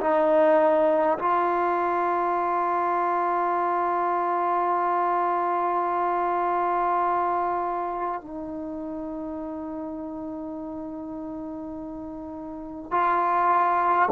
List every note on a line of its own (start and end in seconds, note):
0.00 1.18 D#4
1.18 8.21 F4
8.21 12.91 D#4
12.91 14.09 F4